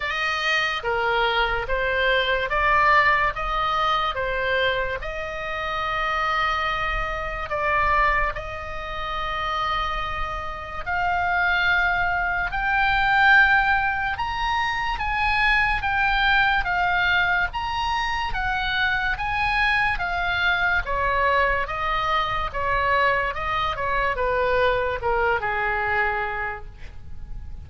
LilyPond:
\new Staff \with { instrumentName = "oboe" } { \time 4/4 \tempo 4 = 72 dis''4 ais'4 c''4 d''4 | dis''4 c''4 dis''2~ | dis''4 d''4 dis''2~ | dis''4 f''2 g''4~ |
g''4 ais''4 gis''4 g''4 | f''4 ais''4 fis''4 gis''4 | f''4 cis''4 dis''4 cis''4 | dis''8 cis''8 b'4 ais'8 gis'4. | }